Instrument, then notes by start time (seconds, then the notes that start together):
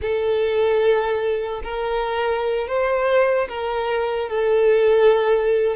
violin
0.01 A4
1.63 A#4
2.67 C5
3.48 A#4
4.29 A4